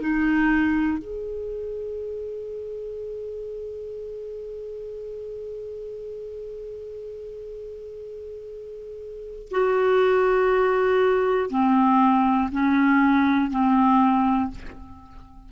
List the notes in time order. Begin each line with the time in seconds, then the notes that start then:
0.00 D#4
0.98 G#4
9.50 F#4
11.49 C4
12.51 C#4
13.50 C4